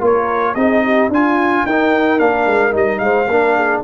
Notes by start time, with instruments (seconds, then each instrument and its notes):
0.00 tuba A#3, trombone F4, horn A#4, trumpet C#5
0.55 tuba C4, trombone D#4, horn G#4, trumpet D#5
0.84 horn G4
1.09 tuba D4, horn F4, trombone F4, trumpet G#5
1.66 tuba D#4, trombone D#4, horn A#4, trumpet G5
2.19 tuba A#3, trombone D4, trumpet F5
2.47 tuba G#3
2.71 tuba G3, trombone D#4, trumpet D#5
2.99 tuba G#3, horn C5, trumpet F5
3.28 tuba A#3, trombone D4, horn A#4
3.56 horn G#4